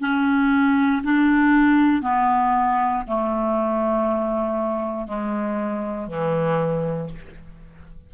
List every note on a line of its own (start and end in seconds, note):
0.00 1.02 C#4
1.03 2.02 D4
2.02 3.03 B3
3.07 5.07 A3
5.07 6.07 G#3
6.07 7.09 E3